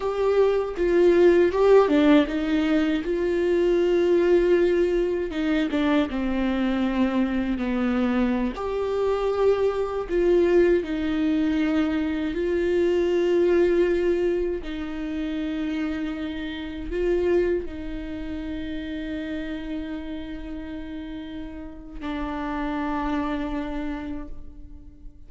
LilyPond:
\new Staff \with { instrumentName = "viola" } { \time 4/4 \tempo 4 = 79 g'4 f'4 g'8 d'8 dis'4 | f'2. dis'8 d'8 | c'2 b4~ b16 g'8.~ | g'4~ g'16 f'4 dis'4.~ dis'16~ |
dis'16 f'2. dis'8.~ | dis'2~ dis'16 f'4 dis'8.~ | dis'1~ | dis'4 d'2. | }